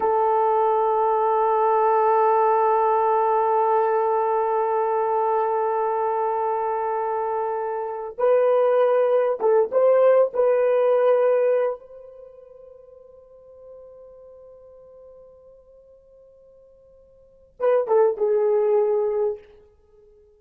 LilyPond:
\new Staff \with { instrumentName = "horn" } { \time 4/4 \tempo 4 = 99 a'1~ | a'1~ | a'1~ | a'4. b'2 a'8 |
c''4 b'2~ b'8 c''8~ | c''1~ | c''1~ | c''4 b'8 a'8 gis'2 | }